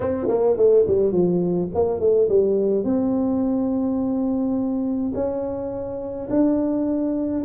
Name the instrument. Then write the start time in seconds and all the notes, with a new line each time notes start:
tuba
0.00 C4
0.28 A#3
0.56 A3
0.87 G3
1.11 F3
1.74 A#3
1.99 A3
2.28 G3
2.83 C4
5.14 C#4
6.30 D4